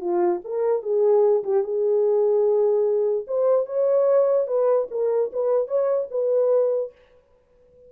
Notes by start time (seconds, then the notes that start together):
0.00 F4
0.44 A#4
0.82 G#4
1.43 G4
1.63 G#4
3.27 C5
3.66 C#5
4.47 B4
4.91 A#4
5.32 B4
5.67 C#5
6.11 B4